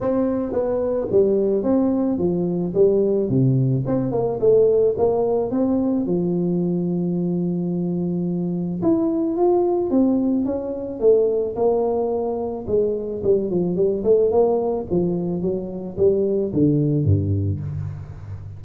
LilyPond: \new Staff \with { instrumentName = "tuba" } { \time 4/4 \tempo 4 = 109 c'4 b4 g4 c'4 | f4 g4 c4 c'8 ais8 | a4 ais4 c'4 f4~ | f1 |
e'4 f'4 c'4 cis'4 | a4 ais2 gis4 | g8 f8 g8 a8 ais4 f4 | fis4 g4 d4 g,4 | }